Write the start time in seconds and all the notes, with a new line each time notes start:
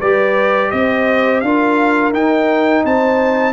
0.00 G3 G4 B4 D5
0.71 C4 D#5
0.77 C5
1.41 D4 F4 A#4 F5
2.13 D#4 G5
2.84 C4 C5 A5